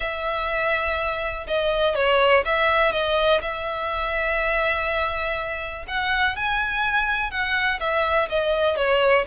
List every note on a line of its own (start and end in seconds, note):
0.00 1.46 E5
1.47 1.95 D#5
1.95 2.43 C#5
2.45 2.92 E5
2.92 3.41 D#5
3.41 5.85 E5
5.87 6.35 F#5
6.35 7.30 G#5
7.30 7.79 F#5
7.79 8.28 E5
8.29 8.76 D#5
8.76 9.25 C#5